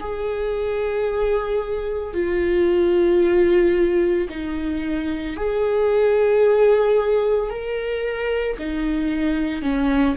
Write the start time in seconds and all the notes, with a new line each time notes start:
0.00 G#4
2.14 F4
4.30 D#4
5.36 G#4
7.50 A#4
8.59 D#4
9.62 C#4